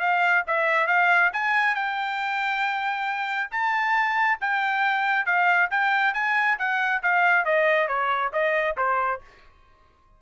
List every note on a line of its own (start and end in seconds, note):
0.00 0.44 F5
0.47 0.87 E5
0.87 1.31 F5
1.33 1.75 G#5
1.75 3.50 G5
3.51 4.39 A5
4.41 5.26 G5
5.26 5.70 F5
5.71 6.14 G5
6.14 6.58 G#5
6.59 7.02 F#5
7.03 7.45 F5
7.45 7.88 D#5
7.88 8.32 C#5
8.33 8.76 D#5
8.77 9.21 C5